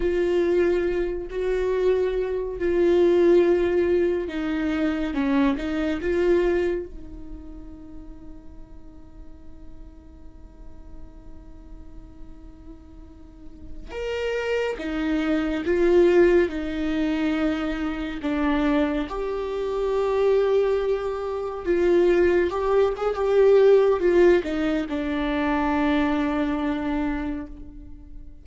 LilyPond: \new Staff \with { instrumentName = "viola" } { \time 4/4 \tempo 4 = 70 f'4. fis'4. f'4~ | f'4 dis'4 cis'8 dis'8 f'4 | dis'1~ | dis'1~ |
dis'16 ais'4 dis'4 f'4 dis'8.~ | dis'4~ dis'16 d'4 g'4.~ g'16~ | g'4~ g'16 f'4 g'8 gis'16 g'4 | f'8 dis'8 d'2. | }